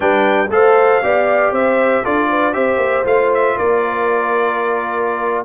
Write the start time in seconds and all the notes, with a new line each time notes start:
0.00 G3 D4 B4 G5
0.49 A3 A4 C5 F5
1.03 B3 G4 D5
1.51 C4 C5 E5
2.02 D4 F4 A4 D5
2.29 B4
2.52 C4 G4 C5 E5
2.77 A#3
3.03 A3 F4 F5
3.34 E5
3.56 A#3 A#4 D5